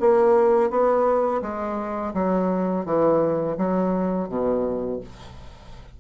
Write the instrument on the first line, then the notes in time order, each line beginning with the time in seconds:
bassoon
0.00 A#3
0.70 B3
1.42 G#3
2.14 F#3
2.85 E3
3.57 F#3
4.29 B2